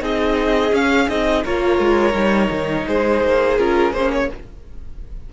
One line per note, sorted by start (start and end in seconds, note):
0.00 0.72 C4
0.00 0.71 D#4
0.00 1.44 G#4
0.00 0.75 D#5
0.72 1.08 C#4
0.72 1.09 C#4
0.72 1.09 F5
1.09 1.45 C4
1.09 1.45 D#4
1.09 1.45 D#5
1.44 1.80 A#3
1.44 2.12 F4
1.44 2.86 A#4
1.44 2.88 C#5
1.80 2.14 G#3
2.12 2.50 G3
2.12 3.55 D#4
2.51 2.86 D#3
2.86 3.24 G#3
2.86 4.29 G#4
2.86 3.59 C5
3.24 3.59 A#3
3.58 3.93 C#4
3.58 3.93 F4
3.58 3.93 A#4
3.93 4.29 A#3
3.93 4.33 C#4
3.93 4.11 C5
4.12 4.30 C#5